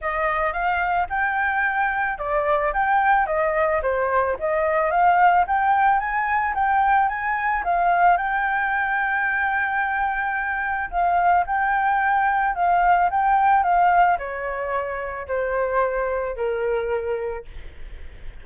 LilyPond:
\new Staff \with { instrumentName = "flute" } { \time 4/4 \tempo 4 = 110 dis''4 f''4 g''2 | d''4 g''4 dis''4 c''4 | dis''4 f''4 g''4 gis''4 | g''4 gis''4 f''4 g''4~ |
g''1 | f''4 g''2 f''4 | g''4 f''4 cis''2 | c''2 ais'2 | }